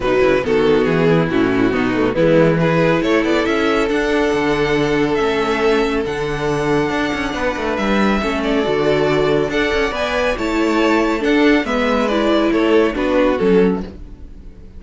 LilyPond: <<
  \new Staff \with { instrumentName = "violin" } { \time 4/4 \tempo 4 = 139 b'4 a'4 gis'4 fis'4~ | fis'4 e'4 b'4 cis''8 d''8 | e''4 fis''2. | e''2 fis''2~ |
fis''2 e''4. d''8~ | d''2 fis''4 gis''4 | a''2 fis''4 e''4 | d''4 cis''4 b'4 a'4 | }
  \new Staff \with { instrumentName = "violin" } { \time 4/4 dis'8 e'8 fis'4. e'4. | dis'4 b4 gis'4 a'4~ | a'1~ | a'1~ |
a'4 b'2 a'4~ | a'2 d''2 | cis''2 a'4 b'4~ | b'4 a'4 fis'2 | }
  \new Staff \with { instrumentName = "viola" } { \time 4/4 fis4 b2 cis'4 | b8 a8 gis4 e'2~ | e'4 d'2. | cis'2 d'2~ |
d'2. cis'4 | fis'2 a'4 b'4 | e'2 d'4 b4 | e'2 d'4 cis'4 | }
  \new Staff \with { instrumentName = "cello" } { \time 4/4 b,8 cis8 dis4 e4 a,4 | b,4 e2 a8 b8 | cis'4 d'4 d2 | a2 d2 |
d'8 cis'8 b8 a8 g4 a4 | d2 d'8 cis'8 b4 | a2 d'4 gis4~ | gis4 a4 b4 fis4 | }
>>